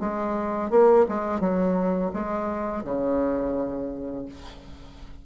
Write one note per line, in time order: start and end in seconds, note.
0.00 0.71 G#3
0.71 1.06 A#3
1.09 1.41 G#3
1.41 2.11 F#3
2.14 2.84 G#3
2.85 4.26 C#3